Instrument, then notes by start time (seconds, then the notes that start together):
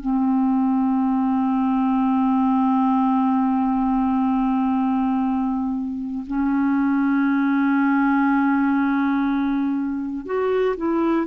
clarinet
0.00 C4
6.27 C#4
10.26 F#4
10.77 E4